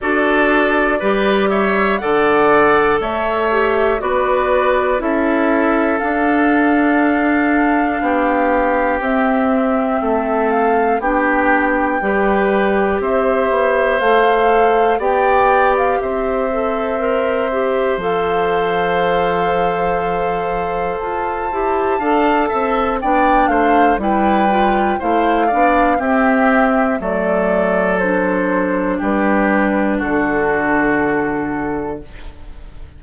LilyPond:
<<
  \new Staff \with { instrumentName = "flute" } { \time 4/4 \tempo 4 = 60 d''4. e''8 fis''4 e''4 | d''4 e''4 f''2~ | f''4 e''4. f''8 g''4~ | g''4 e''4 f''4 g''8. f''16 |
e''2 f''2~ | f''4 a''2 g''8 f''8 | g''4 f''4 e''4 d''4 | c''4 b'4 a'2 | }
  \new Staff \with { instrumentName = "oboe" } { \time 4/4 a'4 b'8 cis''8 d''4 cis''4 | b'4 a'2. | g'2 a'4 g'4 | b'4 c''2 d''4 |
c''1~ | c''2 f''8 e''8 d''8 c''8 | b'4 c''8 d''8 g'4 a'4~ | a'4 g'4 fis'2 | }
  \new Staff \with { instrumentName = "clarinet" } { \time 4/4 fis'4 g'4 a'4. g'8 | fis'4 e'4 d'2~ | d'4 c'2 d'4 | g'2 a'4 g'4~ |
g'8 a'8 ais'8 g'8 a'2~ | a'4. g'8 a'4 d'4 | e'8 f'8 e'8 d'8 c'4 a4 | d'1 | }
  \new Staff \with { instrumentName = "bassoon" } { \time 4/4 d'4 g4 d4 a4 | b4 cis'4 d'2 | b4 c'4 a4 b4 | g4 c'8 b8 a4 b4 |
c'2 f2~ | f4 f'8 e'8 d'8 c'8 b8 a8 | g4 a8 b8 c'4 fis4~ | fis4 g4 d2 | }
>>